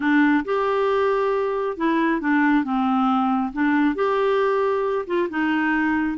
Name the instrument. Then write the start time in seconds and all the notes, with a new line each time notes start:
clarinet
0.00 D4
0.44 G4
1.77 E4
2.20 D4
2.64 C4
3.52 D4
3.95 G4
5.06 F4
5.29 D#4